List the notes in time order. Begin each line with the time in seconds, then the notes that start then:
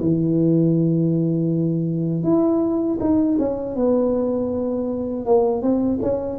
0.00 E3
2.23 E4
3.00 D#4
3.39 C#4
3.75 B3
5.26 A#3
5.62 C4
6.02 C#4